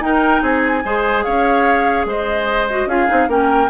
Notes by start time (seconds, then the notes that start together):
0.00 D#4 A#4 G5
0.42 C4 G#4 G#5
0.85 G#3 G#4 C5
1.23 C#4 C#5 F5
2.05 G#3 C5 D#5
2.70 F#4
2.86 C#4 F4 G#4 F5
3.08 C4 D#4
3.28 A#3 C#4 A#4 G5